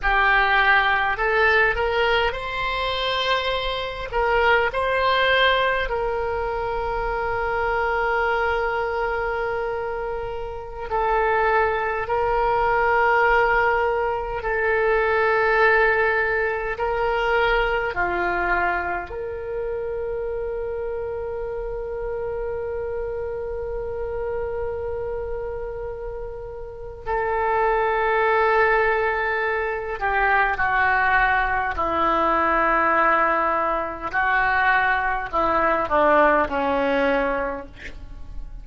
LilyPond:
\new Staff \with { instrumentName = "oboe" } { \time 4/4 \tempo 4 = 51 g'4 a'8 ais'8 c''4. ais'8 | c''4 ais'2.~ | ais'4~ ais'16 a'4 ais'4.~ ais'16~ | ais'16 a'2 ais'4 f'8.~ |
f'16 ais'2.~ ais'8.~ | ais'2. a'4~ | a'4. g'8 fis'4 e'4~ | e'4 fis'4 e'8 d'8 cis'4 | }